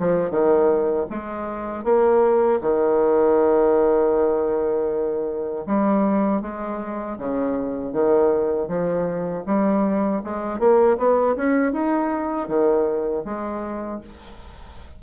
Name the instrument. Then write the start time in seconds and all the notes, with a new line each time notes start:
bassoon
0.00 F3
0.31 D#3
1.10 G#3
1.85 A#3
2.62 D#3
5.67 G3
6.42 G#3
7.18 C#3
7.93 D#3
8.69 F3
9.47 G3
10.24 G#3
10.59 A#3
10.98 B3
11.36 C#4
11.73 D#4
12.49 D#3
13.25 G#3